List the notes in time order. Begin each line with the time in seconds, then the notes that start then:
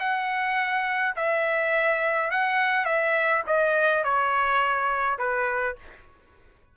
0.00 F#5
1.16 E5
2.31 F#5
2.86 E5
3.47 D#5
4.05 C#5
5.19 B4